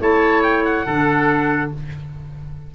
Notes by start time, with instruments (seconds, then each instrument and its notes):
0.00 tuba A3, clarinet E4, oboe C#5, trumpet A5
0.43 trumpet G5
0.65 trumpet F#5
0.85 tuba D3, clarinet D4, oboe A4